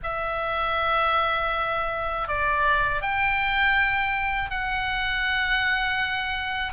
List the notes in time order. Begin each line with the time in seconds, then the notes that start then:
0.03 E5
2.27 D5
3.01 G5
4.50 F#5